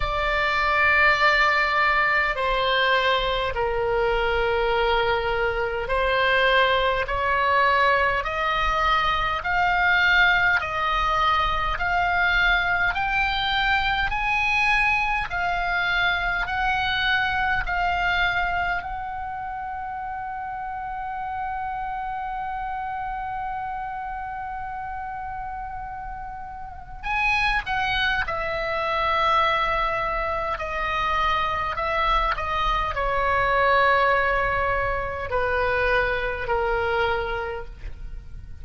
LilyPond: \new Staff \with { instrumentName = "oboe" } { \time 4/4 \tempo 4 = 51 d''2 c''4 ais'4~ | ais'4 c''4 cis''4 dis''4 | f''4 dis''4 f''4 g''4 | gis''4 f''4 fis''4 f''4 |
fis''1~ | fis''2. gis''8 fis''8 | e''2 dis''4 e''8 dis''8 | cis''2 b'4 ais'4 | }